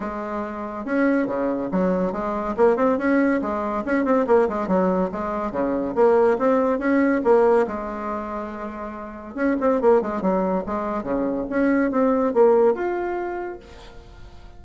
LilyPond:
\new Staff \with { instrumentName = "bassoon" } { \time 4/4 \tempo 4 = 141 gis2 cis'4 cis4 | fis4 gis4 ais8 c'8 cis'4 | gis4 cis'8 c'8 ais8 gis8 fis4 | gis4 cis4 ais4 c'4 |
cis'4 ais4 gis2~ | gis2 cis'8 c'8 ais8 gis8 | fis4 gis4 cis4 cis'4 | c'4 ais4 f'2 | }